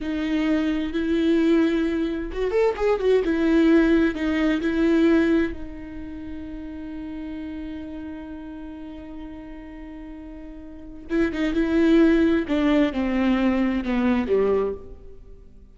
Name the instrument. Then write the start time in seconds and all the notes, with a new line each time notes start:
viola
0.00 D#4
0.92 E4
2.32 F#4
2.50 A4
2.76 G#4
2.99 F#4
3.24 E4
4.14 D#4
4.61 E4
5.53 D#4
11.09 E4
11.32 D#4
11.53 E4
12.47 D4
12.92 C4
13.84 B3
14.27 G3